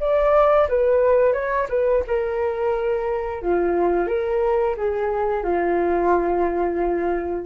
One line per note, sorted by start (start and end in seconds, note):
0.00 0.68 D5
0.69 1.33 B4
1.33 1.67 C#5
1.69 2.03 B4
2.07 3.42 A#4
3.42 4.08 F4
4.08 4.76 A#4
4.76 5.44 G#4
5.44 7.46 F4